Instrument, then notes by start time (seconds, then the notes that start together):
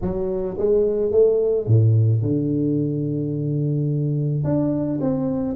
tuba
0.01 F#3
0.58 G#3
1.11 A3
1.66 A2
2.21 D3
4.44 D4
5.00 C4